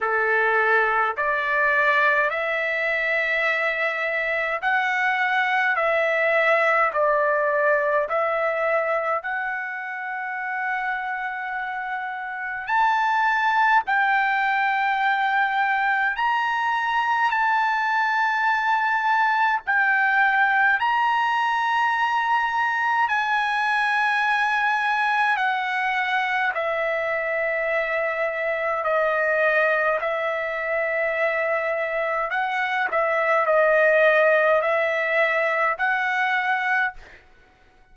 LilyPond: \new Staff \with { instrumentName = "trumpet" } { \time 4/4 \tempo 4 = 52 a'4 d''4 e''2 | fis''4 e''4 d''4 e''4 | fis''2. a''4 | g''2 ais''4 a''4~ |
a''4 g''4 ais''2 | gis''2 fis''4 e''4~ | e''4 dis''4 e''2 | fis''8 e''8 dis''4 e''4 fis''4 | }